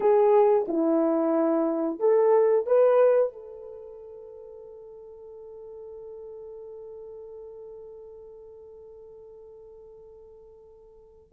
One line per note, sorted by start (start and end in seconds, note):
0.00 0.66 G#4
0.68 1.99 E4
1.99 2.66 A4
2.66 3.32 B4
3.32 11.32 A4